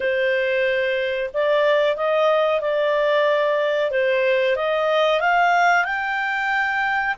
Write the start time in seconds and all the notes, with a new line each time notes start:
0.00 C5
1.33 D5
1.96 D#5
2.61 D5
3.90 C5
4.56 D#5
5.20 F5
5.85 G5